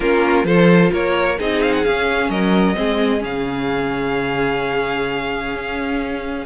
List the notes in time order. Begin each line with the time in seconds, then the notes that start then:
0.00 A#3 C#4 F4 A#4
0.44 F3 F4 A4 C5
0.92 A#3 A#4 C#5
1.38 C4 D#4 G#4 D#5
1.62 F5
1.72 F#5
1.84 C#4 F5
2.29 F#3 A#4 D#5
2.75 G#3 C4 G#4
3.19 C#3 C#4 F5
5.54 C#4